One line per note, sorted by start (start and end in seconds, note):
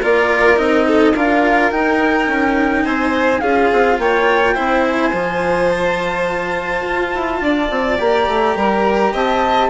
0.00 0.58 A#3
0.00 0.56 F4
0.00 0.86 A#4
0.00 0.58 D5
0.56 1.14 C4
0.56 1.13 D#4
0.56 1.15 D#5
0.87 1.14 A4
1.14 1.71 D4
1.14 1.71 F4
1.14 2.83 A#4
1.14 1.71 F5
1.71 3.42 D#4
1.71 2.27 D#4
1.71 2.85 G5
2.27 2.85 C#4
2.83 3.41 C4
2.83 3.40 C5
2.83 3.40 G#5
3.40 3.70 C#4
3.40 4.55 F4
3.40 3.99 G#4
3.40 3.97 F5
3.72 3.98 C4
3.98 4.55 A#3
3.98 4.54 C#5
3.98 4.85 G5
4.54 5.12 C4
4.54 5.12 E4
4.54 7.39 C5
4.86 5.70 G#5
5.12 6.84 F3
5.12 7.99 F4
5.70 7.99 A5
6.89 7.14 F4
7.14 7.41 E4
7.41 7.69 D4
7.41 8.57 D5
7.70 7.99 C4
7.99 8.27 A#3
7.99 9.70 G4
7.99 9.13 A#5
8.27 8.56 A3
8.56 9.13 G3
8.56 9.13 A#4
9.13 9.70 C4
9.13 9.70 D#5
9.13 9.70 A5